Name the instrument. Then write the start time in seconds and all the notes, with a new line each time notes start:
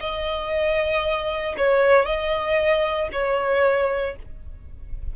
violin
0.00 D#5
1.57 C#5
2.05 D#5
3.12 C#5